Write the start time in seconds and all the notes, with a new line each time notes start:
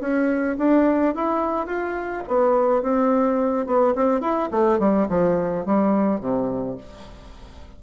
0.00 C#4
0.58 D4
1.14 E4
1.66 F4
2.27 B3
2.82 C4
3.66 B3
3.95 C4
4.20 E4
4.51 A3
4.79 G3
5.09 F3
5.65 G3
6.20 C3